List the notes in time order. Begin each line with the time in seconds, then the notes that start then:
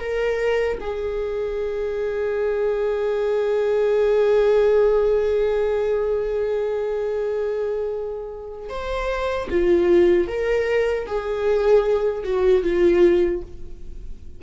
0.00 A#4
0.81 G#4
8.69 C5
9.51 F4
10.28 A#4
11.07 G#4
12.25 F#4
12.64 F4